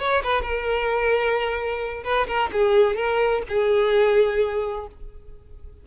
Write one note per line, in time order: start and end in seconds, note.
0.00 0.23 C#5
0.24 0.42 B4
0.42 2.03 A#4
2.04 2.27 B4
2.27 2.50 A#4
2.53 2.96 G#4
2.96 3.43 A#4
3.49 4.87 G#4